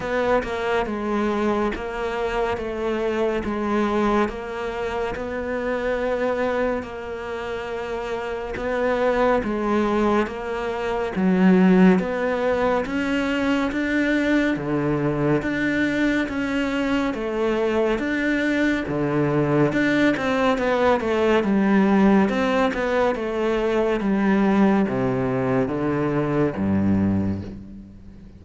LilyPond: \new Staff \with { instrumentName = "cello" } { \time 4/4 \tempo 4 = 70 b8 ais8 gis4 ais4 a4 | gis4 ais4 b2 | ais2 b4 gis4 | ais4 fis4 b4 cis'4 |
d'4 d4 d'4 cis'4 | a4 d'4 d4 d'8 c'8 | b8 a8 g4 c'8 b8 a4 | g4 c4 d4 g,4 | }